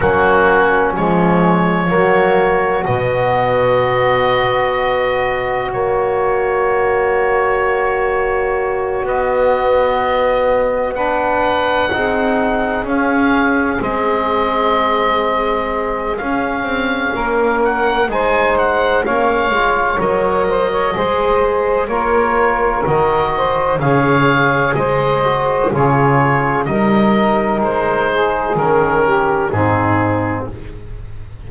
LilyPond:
<<
  \new Staff \with { instrumentName = "oboe" } { \time 4/4 \tempo 4 = 63 fis'4 cis''2 dis''4~ | dis''2 cis''2~ | cis''4. dis''2 fis''8~ | fis''4. f''4 dis''4.~ |
dis''4 f''4. fis''8 gis''8 fis''8 | f''4 dis''2 cis''4 | dis''4 f''4 dis''4 cis''4 | dis''4 c''4 ais'4 gis'4 | }
  \new Staff \with { instrumentName = "saxophone" } { \time 4/4 cis'2 fis'2~ | fis'1~ | fis'2.~ fis'8 b'8~ | b'8 gis'2.~ gis'8~ |
gis'2 ais'4 c''4 | cis''4. c''16 cis''16 c''4 ais'4~ | ais'8 c''8 cis''4 c''4 gis'4 | ais'4. gis'4 g'8 dis'4 | }
  \new Staff \with { instrumentName = "trombone" } { \time 4/4 ais4 gis4 ais4 b4~ | b2 ais2~ | ais4. b2 d'8~ | d'8 dis'4 cis'4 c'4.~ |
c'4 cis'2 dis'4 | cis'8 f'8 ais'4 gis'4 f'4 | fis'4 gis'4. fis'8 f'4 | dis'2 cis'4 c'4 | }
  \new Staff \with { instrumentName = "double bass" } { \time 4/4 fis4 f4 fis4 b,4~ | b,2 fis2~ | fis4. b2~ b8~ | b8 c'4 cis'4 gis4.~ |
gis4 cis'8 c'8 ais4 gis4 | ais8 gis8 fis4 gis4 ais4 | dis4 cis4 gis4 cis4 | g4 gis4 dis4 gis,4 | }
>>